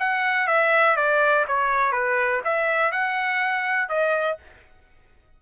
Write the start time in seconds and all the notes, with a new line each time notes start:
0.00 F#5
0.48 E5
0.97 D5
1.48 C#5
1.92 B4
2.45 E5
2.92 F#5
3.89 D#5